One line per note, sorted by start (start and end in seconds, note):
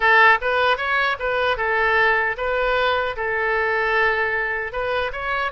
0.00 0.38 A4
0.41 0.77 B4
0.77 1.16 C#5
1.19 1.57 B4
1.57 2.36 A4
2.37 3.16 B4
3.16 4.72 A4
4.72 5.11 B4
5.12 5.51 C#5